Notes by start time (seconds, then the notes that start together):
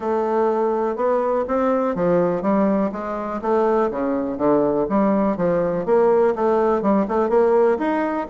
0.00 A3
0.96 B3
1.47 C4
1.95 F3
2.41 G3
2.92 G#3
3.41 A3
3.90 C#3
4.37 D3
4.89 G3
5.37 F3
5.85 A#3
6.35 A3
6.82 G3
7.08 A3
7.29 A#3
7.78 D#4